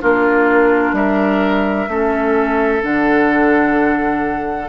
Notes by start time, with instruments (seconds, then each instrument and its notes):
0.00 bassoon A#3, clarinet D4, oboe F4, flute A#4
0.92 bassoon G3, oboe A#4, flute E5
1.87 bassoon A3, clarinet C#4, oboe A4
2.81 bassoon D3, clarinet D4, flute F#5